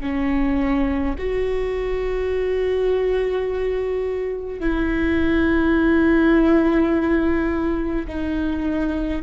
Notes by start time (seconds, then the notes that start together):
0.00 C#4
1.18 F#4
4.60 E4
8.07 D#4